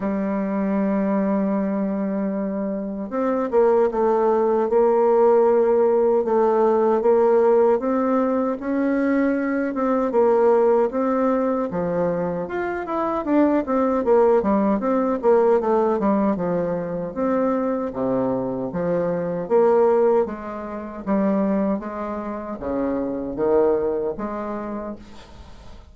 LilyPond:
\new Staff \with { instrumentName = "bassoon" } { \time 4/4 \tempo 4 = 77 g1 | c'8 ais8 a4 ais2 | a4 ais4 c'4 cis'4~ | cis'8 c'8 ais4 c'4 f4 |
f'8 e'8 d'8 c'8 ais8 g8 c'8 ais8 | a8 g8 f4 c'4 c4 | f4 ais4 gis4 g4 | gis4 cis4 dis4 gis4 | }